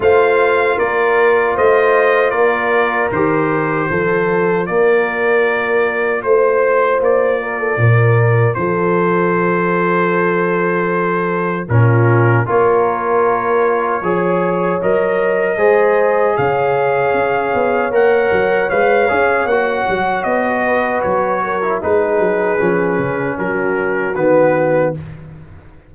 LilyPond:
<<
  \new Staff \with { instrumentName = "trumpet" } { \time 4/4 \tempo 4 = 77 f''4 d''4 dis''4 d''4 | c''2 d''2 | c''4 d''2 c''4~ | c''2. ais'4 |
cis''2. dis''4~ | dis''4 f''2 fis''4 | f''4 fis''4 dis''4 cis''4 | b'2 ais'4 b'4 | }
  \new Staff \with { instrumentName = "horn" } { \time 4/4 c''4 ais'4 c''4 ais'4~ | ais'4 a'4 ais'2 | c''4. ais'16 a'16 ais'4 a'4~ | a'2. f'4 |
ais'2 cis''2 | c''4 cis''2.~ | cis''2~ cis''8 b'4 ais'8 | gis'2 fis'2 | }
  \new Staff \with { instrumentName = "trombone" } { \time 4/4 f'1 | g'4 f'2.~ | f'1~ | f'2. cis'4 |
f'2 gis'4 ais'4 | gis'2. ais'4 | b'8 gis'8 fis'2~ fis'8. e'16 | dis'4 cis'2 b4 | }
  \new Staff \with { instrumentName = "tuba" } { \time 4/4 a4 ais4 a4 ais4 | dis4 f4 ais2 | a4 ais4 ais,4 f4~ | f2. ais,4 |
ais2 f4 fis4 | gis4 cis4 cis'8 b8 ais8 fis8 | gis8 cis'8 ais8 fis8 b4 fis4 | gis8 fis8 f8 cis8 fis4 dis4 | }
>>